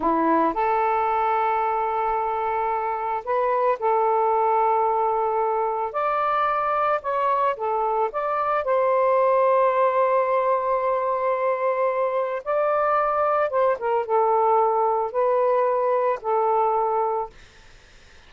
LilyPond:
\new Staff \with { instrumentName = "saxophone" } { \time 4/4 \tempo 4 = 111 e'4 a'2.~ | a'2 b'4 a'4~ | a'2. d''4~ | d''4 cis''4 a'4 d''4 |
c''1~ | c''2. d''4~ | d''4 c''8 ais'8 a'2 | b'2 a'2 | }